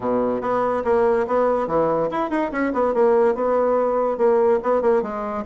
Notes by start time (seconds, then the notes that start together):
0.00 B2
0.41 B3
0.84 A#3
1.27 B3
1.67 E3
2.10 E4
2.30 D#4
2.51 C#4
2.73 B3
2.94 A#3
3.35 B3
4.17 A#3
4.62 B3
4.81 A#3
5.02 G#3